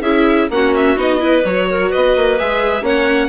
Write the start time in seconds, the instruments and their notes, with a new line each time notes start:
0.00 bassoon C#4, viola E4, clarinet G#4, violin E5
0.50 bassoon A#3, viola C#4, clarinet F#4, violin F#5
0.75 violin E5
0.96 bassoon B3, viola D#4, violin D#5
1.19 viola E4, clarinet B4
1.44 bassoon F#3, viola F#4, violin C#5
1.69 clarinet A#4
1.89 bassoon B3, clarinet B4, violin D#5
2.16 bassoon A#3
2.38 bassoon G#3, viola G#4, violin E5
2.81 bassoon A#3, viola C#4, clarinet C#5, violin F#5